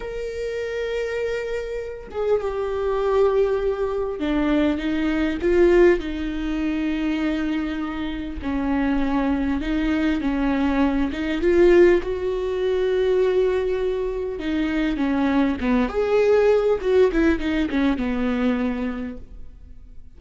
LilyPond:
\new Staff \with { instrumentName = "viola" } { \time 4/4 \tempo 4 = 100 ais'2.~ ais'8 gis'8 | g'2. d'4 | dis'4 f'4 dis'2~ | dis'2 cis'2 |
dis'4 cis'4. dis'8 f'4 | fis'1 | dis'4 cis'4 b8 gis'4. | fis'8 e'8 dis'8 cis'8 b2 | }